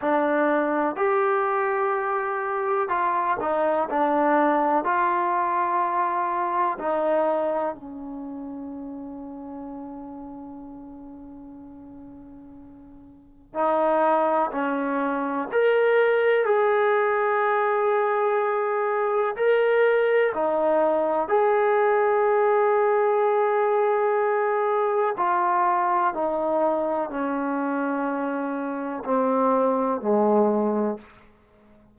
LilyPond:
\new Staff \with { instrumentName = "trombone" } { \time 4/4 \tempo 4 = 62 d'4 g'2 f'8 dis'8 | d'4 f'2 dis'4 | cis'1~ | cis'2 dis'4 cis'4 |
ais'4 gis'2. | ais'4 dis'4 gis'2~ | gis'2 f'4 dis'4 | cis'2 c'4 gis4 | }